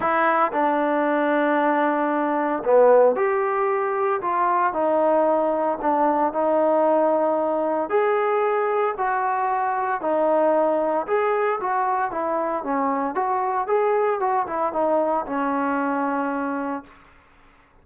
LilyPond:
\new Staff \with { instrumentName = "trombone" } { \time 4/4 \tempo 4 = 114 e'4 d'2.~ | d'4 b4 g'2 | f'4 dis'2 d'4 | dis'2. gis'4~ |
gis'4 fis'2 dis'4~ | dis'4 gis'4 fis'4 e'4 | cis'4 fis'4 gis'4 fis'8 e'8 | dis'4 cis'2. | }